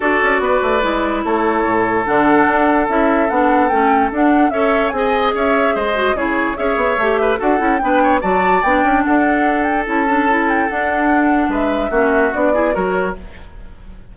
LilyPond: <<
  \new Staff \with { instrumentName = "flute" } { \time 4/4 \tempo 4 = 146 d''2. cis''4~ | cis''4 fis''2 e''4 | fis''4 g''4 fis''4 e''4 | gis''4 e''4 dis''4 cis''4 |
e''2 fis''4 g''4 | a''4 g''4 fis''4. g''8 | a''4. g''8 fis''2 | e''2 d''4 cis''4 | }
  \new Staff \with { instrumentName = "oboe" } { \time 4/4 a'4 b'2 a'4~ | a'1~ | a'2. cis''4 | dis''4 cis''4 c''4 gis'4 |
cis''4. b'8 a'4 b'8 cis''8 | d''2 a'2~ | a'1 | b'4 fis'4. gis'8 ais'4 | }
  \new Staff \with { instrumentName = "clarinet" } { \time 4/4 fis'2 e'2~ | e'4 d'2 e'4 | d'4 cis'4 d'4 a'4 | gis'2~ gis'8 fis'8 e'4 |
gis'4 g'4 fis'8 e'8 d'4 | fis'4 d'2. | e'8 d'8 e'4 d'2~ | d'4 cis'4 d'8 e'8 fis'4 | }
  \new Staff \with { instrumentName = "bassoon" } { \time 4/4 d'8 cis'8 b8 a8 gis4 a4 | a,4 d4 d'4 cis'4 | b4 a4 d'4 cis'4 | c'4 cis'4 gis4 cis4 |
cis'8 b8 a4 d'8 cis'8 b4 | fis4 b8 cis'8 d'2 | cis'2 d'2 | gis4 ais4 b4 fis4 | }
>>